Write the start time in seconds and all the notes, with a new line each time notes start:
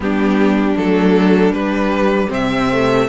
0.00 G3 B3 D4 G4
0.76 F#3 A3 A4
1.50 G3 B4
2.28 C3 C4 E5
2.72 A3